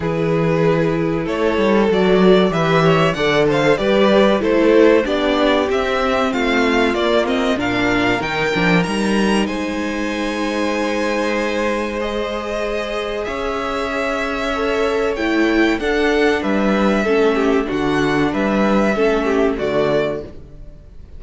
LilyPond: <<
  \new Staff \with { instrumentName = "violin" } { \time 4/4 \tempo 4 = 95 b'2 cis''4 d''4 | e''4 fis''8 f''8 d''4 c''4 | d''4 e''4 f''4 d''8 dis''8 | f''4 g''4 ais''4 gis''4~ |
gis''2. dis''4~ | dis''4 e''2. | g''4 fis''4 e''2 | fis''4 e''2 d''4 | }
  \new Staff \with { instrumentName = "violin" } { \time 4/4 gis'2 a'2 | b'8 cis''8 d''8 c''8 b'4 a'4 | g'2 f'2 | ais'2. c''4~ |
c''1~ | c''4 cis''2.~ | cis''4 a'4 b'4 a'8 g'8 | fis'4 b'4 a'8 g'8 fis'4 | }
  \new Staff \with { instrumentName = "viola" } { \time 4/4 e'2. fis'4 | g'4 a'4 g'4 e'4 | d'4 c'2 ais8 c'8 | d'4 dis'8 d'8 dis'2~ |
dis'2. gis'4~ | gis'2. a'4 | e'4 d'2 cis'4 | d'2 cis'4 a4 | }
  \new Staff \with { instrumentName = "cello" } { \time 4/4 e2 a8 g8 fis4 | e4 d4 g4 a4 | b4 c'4 a4 ais4 | ais,4 dis8 f8 g4 gis4~ |
gis1~ | gis4 cis'2. | a4 d'4 g4 a4 | d4 g4 a4 d4 | }
>>